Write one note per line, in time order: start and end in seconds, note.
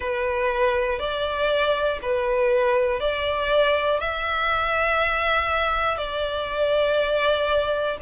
0.00 0.99 B4
0.99 1.99 D5
2.01 3.00 B4
3.00 4.00 D5
4.00 5.97 E5
5.97 7.97 D5